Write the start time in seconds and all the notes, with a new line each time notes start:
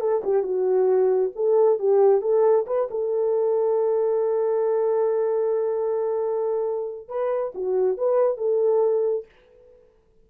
0.00 A4
0.23 G4
0.43 F#4
1.35 A4
1.79 G4
2.21 A4
2.66 B4
2.90 A4
7.08 B4
7.54 F#4
7.97 B4
8.37 A4